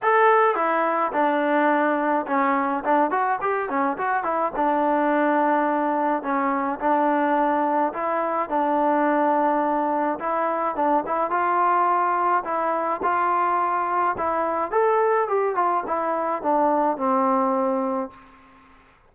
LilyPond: \new Staff \with { instrumentName = "trombone" } { \time 4/4 \tempo 4 = 106 a'4 e'4 d'2 | cis'4 d'8 fis'8 g'8 cis'8 fis'8 e'8 | d'2. cis'4 | d'2 e'4 d'4~ |
d'2 e'4 d'8 e'8 | f'2 e'4 f'4~ | f'4 e'4 a'4 g'8 f'8 | e'4 d'4 c'2 | }